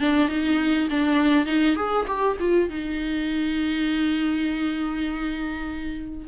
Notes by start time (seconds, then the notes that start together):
0.00 D4
0.28 D#4
0.90 D4
1.46 D#4
1.76 G#4
2.07 G4
2.40 F4
2.70 D#4